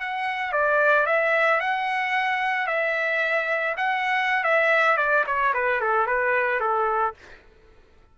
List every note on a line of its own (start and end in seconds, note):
0.00 0.52 F#5
0.52 1.06 D5
1.06 1.60 E5
1.60 2.67 F#5
2.67 3.75 E5
3.77 4.44 F#5
4.44 4.97 E5
4.97 5.24 D5
5.26 5.53 C#5
5.54 5.80 B4
5.80 6.07 A4
6.07 6.60 B4
6.60 7.14 A4